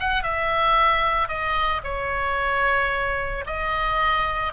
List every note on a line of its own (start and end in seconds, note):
0.00 0.23 F#5
0.23 1.28 E5
1.28 1.82 D#5
1.84 3.45 C#5
3.46 4.53 D#5